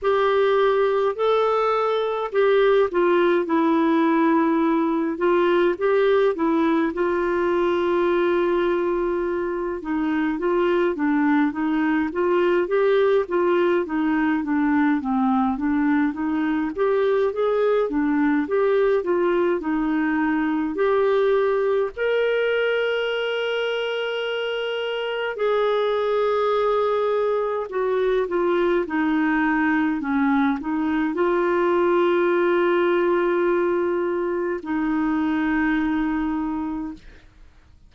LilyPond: \new Staff \with { instrumentName = "clarinet" } { \time 4/4 \tempo 4 = 52 g'4 a'4 g'8 f'8 e'4~ | e'8 f'8 g'8 e'8 f'2~ | f'8 dis'8 f'8 d'8 dis'8 f'8 g'8 f'8 | dis'8 d'8 c'8 d'8 dis'8 g'8 gis'8 d'8 |
g'8 f'8 dis'4 g'4 ais'4~ | ais'2 gis'2 | fis'8 f'8 dis'4 cis'8 dis'8 f'4~ | f'2 dis'2 | }